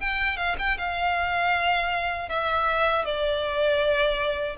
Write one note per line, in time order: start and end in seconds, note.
0.00 0.37 G5
0.37 0.56 F5
0.58 0.77 G5
0.78 2.29 F5
2.29 3.04 E5
3.04 4.56 D5